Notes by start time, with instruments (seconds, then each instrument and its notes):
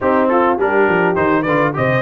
0.00 tuba C4, trombone C4, horn D#4, trumpet G4
0.28 horn F4, trumpet A4
0.57 tuba G3, trombone D4, horn G4, trumpet A#4
0.88 tuba F3
1.15 tuba D#3, trombone D#4, trumpet C5
1.42 tuba D3, trombone F4, horn B4, trumpet D5
1.73 tuba C3, trombone G4, horn C5, trumpet D#5